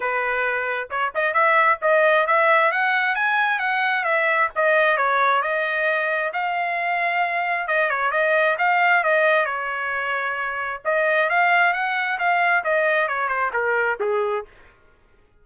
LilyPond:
\new Staff \with { instrumentName = "trumpet" } { \time 4/4 \tempo 4 = 133 b'2 cis''8 dis''8 e''4 | dis''4 e''4 fis''4 gis''4 | fis''4 e''4 dis''4 cis''4 | dis''2 f''2~ |
f''4 dis''8 cis''8 dis''4 f''4 | dis''4 cis''2. | dis''4 f''4 fis''4 f''4 | dis''4 cis''8 c''8 ais'4 gis'4 | }